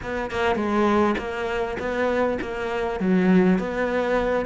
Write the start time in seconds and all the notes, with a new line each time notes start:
0.02 B3
0.31 A#3
0.55 G#3
1.17 A#3
1.79 B3
2.41 A#3
3.00 F#3
3.58 B3